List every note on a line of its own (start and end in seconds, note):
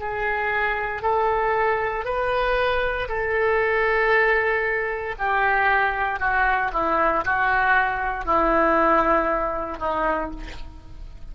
0.00 1.03 G#4
1.03 2.05 A4
2.05 3.08 B4
3.09 5.16 A4
5.19 6.20 G4
6.20 6.71 F#4
6.73 7.25 E4
7.26 8.26 F#4
8.26 9.79 E4
9.79 10.31 D#4